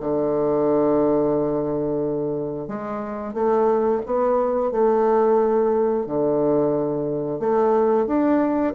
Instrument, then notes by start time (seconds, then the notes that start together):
bassoon
0.00 D3
2.68 G#3
3.34 A3
4.06 B3
4.71 A3
6.06 D3
7.39 A3
8.06 D4